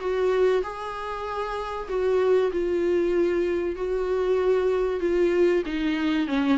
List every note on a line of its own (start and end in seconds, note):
0.00 0.62 F#4
0.64 1.89 G#4
1.89 2.51 F#4
2.52 3.76 F4
3.76 5.01 F#4
5.01 5.63 F4
5.66 6.28 D#4
6.28 6.58 C#4